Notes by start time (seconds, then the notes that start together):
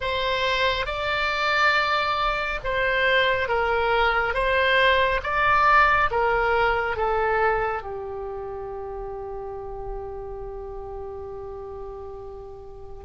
0.00 C5
0.86 D5
2.64 C5
3.48 A#4
4.34 C5
5.23 D5
6.10 A#4
6.96 A4
7.82 G4